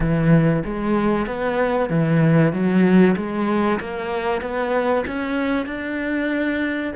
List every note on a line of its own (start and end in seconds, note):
0.00 0.63 E3
0.64 1.27 G#3
1.27 1.89 B3
1.89 2.52 E3
2.52 3.16 F#3
3.16 3.79 G#3
3.80 4.41 A#3
4.41 5.04 B3
5.06 5.66 C#4
5.66 6.92 D4